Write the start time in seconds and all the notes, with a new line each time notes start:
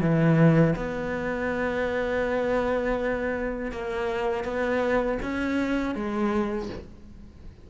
0.00 E3
0.75 B3
3.71 A#3
4.44 B3
5.22 C#4
5.95 G#3